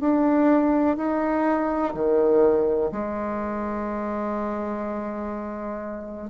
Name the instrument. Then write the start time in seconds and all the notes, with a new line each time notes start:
bassoon
0.00 D4
0.96 D#4
1.94 D#3
2.91 G#3